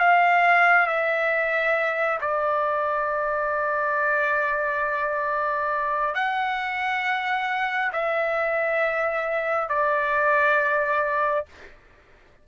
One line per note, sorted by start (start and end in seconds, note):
0.00 0.87 F5
0.87 2.19 E5
2.21 6.15 D5
6.15 7.92 F#5
7.93 9.69 E5
9.70 11.46 D5